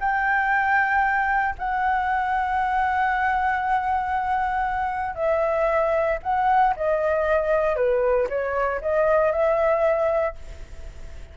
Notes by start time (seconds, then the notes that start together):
0.00 G5
1.59 F#5
5.15 E5
6.23 F#5
6.76 D#5
7.76 B4
8.29 C#5
8.81 D#5
9.32 E5